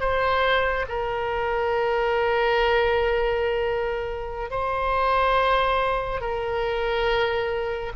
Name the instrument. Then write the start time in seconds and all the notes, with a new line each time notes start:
oboe
0.00 C5
0.88 A#4
4.51 C5
6.21 A#4